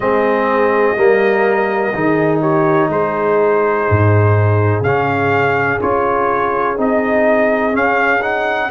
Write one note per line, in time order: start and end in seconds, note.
0.00 0.95 G#3
0.00 0.96 C4
0.00 0.98 G#4
0.00 2.39 D#5
0.96 1.94 G3
0.96 1.93 A#3
0.96 1.95 A#4
1.93 2.89 D#3
1.93 4.84 D#4
1.93 2.41 G#4
2.41 2.89 G4
2.41 2.89 C#5
2.89 3.85 G#3
2.89 8.70 G#4
2.89 4.83 C5
3.89 4.81 G#2
4.81 5.77 C#3
4.81 5.81 C#4
4.81 5.80 F5
5.81 6.77 C#4
5.81 6.76 F4
5.81 6.77 C#5
6.76 7.74 C4
6.76 7.71 D#4
6.76 7.75 D#5
7.71 8.20 C#4
7.71 8.70 C#4
7.71 8.22 F5
8.21 8.70 D#4
8.21 8.70 F#5